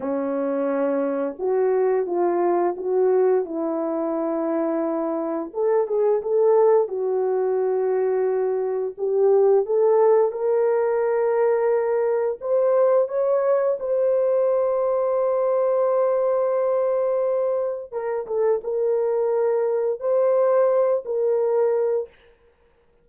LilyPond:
\new Staff \with { instrumentName = "horn" } { \time 4/4 \tempo 4 = 87 cis'2 fis'4 f'4 | fis'4 e'2. | a'8 gis'8 a'4 fis'2~ | fis'4 g'4 a'4 ais'4~ |
ais'2 c''4 cis''4 | c''1~ | c''2 ais'8 a'8 ais'4~ | ais'4 c''4. ais'4. | }